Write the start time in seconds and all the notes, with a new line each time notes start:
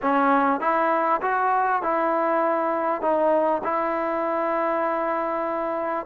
0.02 C#4
0.60 E4
1.21 F#4
1.82 E4
3.01 D#4
3.63 E4